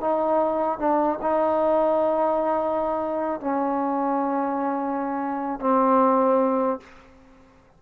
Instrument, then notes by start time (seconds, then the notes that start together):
trombone
0.00 D#4
0.78 D4
1.21 D#4
3.40 C#4
5.59 C4